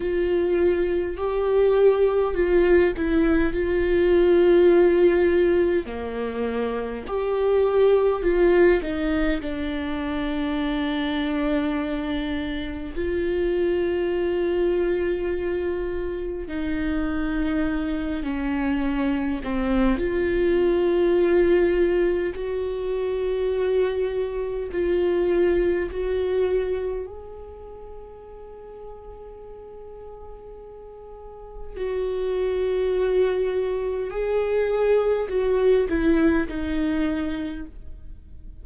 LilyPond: \new Staff \with { instrumentName = "viola" } { \time 4/4 \tempo 4 = 51 f'4 g'4 f'8 e'8 f'4~ | f'4 ais4 g'4 f'8 dis'8 | d'2. f'4~ | f'2 dis'4. cis'8~ |
cis'8 c'8 f'2 fis'4~ | fis'4 f'4 fis'4 gis'4~ | gis'2. fis'4~ | fis'4 gis'4 fis'8 e'8 dis'4 | }